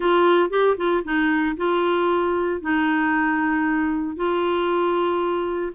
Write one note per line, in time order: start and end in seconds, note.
0.00 0.50 F4
0.50 0.76 G4
0.77 1.03 F4
1.04 1.56 D#4
1.56 2.61 F4
2.61 4.16 D#4
4.16 5.72 F4